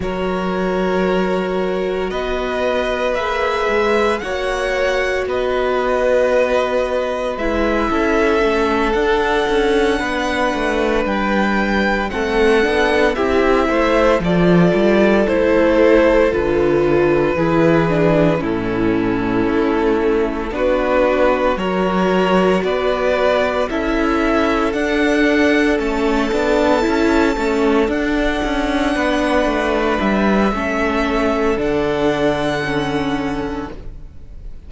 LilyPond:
<<
  \new Staff \with { instrumentName = "violin" } { \time 4/4 \tempo 4 = 57 cis''2 dis''4 e''4 | fis''4 dis''2 e''4~ | e''8 fis''2 g''4 fis''8~ | fis''8 e''4 d''4 c''4 b'8~ |
b'4. a'2 b'8~ | b'8 cis''4 d''4 e''4 fis''8~ | fis''8 a''2 fis''4.~ | fis''8 e''4. fis''2 | }
  \new Staff \with { instrumentName = "violin" } { \time 4/4 ais'2 b'2 | cis''4 b'2~ b'8 a'8~ | a'4. b'2 a'8~ | a'8 g'8 c''8 a'2~ a'8~ |
a'8 gis'4 e'2 fis'8~ | fis'8 ais'4 b'4 a'4.~ | a'2.~ a'8 b'8~ | b'4 a'2. | }
  \new Staff \with { instrumentName = "viola" } { \time 4/4 fis'2. gis'4 | fis'2. e'4 | cis'8 d'2. c'8 | d'8 e'4 f'4 e'4 f'8~ |
f'8 e'8 d'8 cis'2 d'8~ | d'8 fis'2 e'4 d'8~ | d'8 cis'8 d'8 e'8 cis'8 d'4.~ | d'4 cis'4 d'4 cis'4 | }
  \new Staff \with { instrumentName = "cello" } { \time 4/4 fis2 b4 ais8 gis8 | ais4 b2 gis8 cis'8 | a8 d'8 cis'8 b8 a8 g4 a8 | b8 c'8 a8 f8 g8 a4 d8~ |
d8 e4 a,4 a4 b8~ | b8 fis4 b4 cis'4 d'8~ | d'8 a8 b8 cis'8 a8 d'8 cis'8 b8 | a8 g8 a4 d2 | }
>>